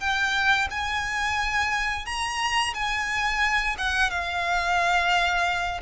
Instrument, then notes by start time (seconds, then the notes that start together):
violin
0.00 G5
0.70 G#5
2.05 A#5
2.74 G#5
3.78 F#5
4.10 F5